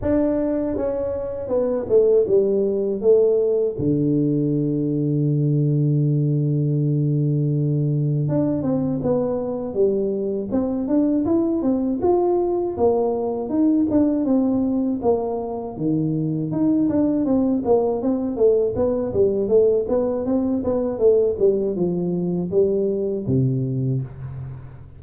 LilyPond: \new Staff \with { instrumentName = "tuba" } { \time 4/4 \tempo 4 = 80 d'4 cis'4 b8 a8 g4 | a4 d2.~ | d2. d'8 c'8 | b4 g4 c'8 d'8 e'8 c'8 |
f'4 ais4 dis'8 d'8 c'4 | ais4 dis4 dis'8 d'8 c'8 ais8 | c'8 a8 b8 g8 a8 b8 c'8 b8 | a8 g8 f4 g4 c4 | }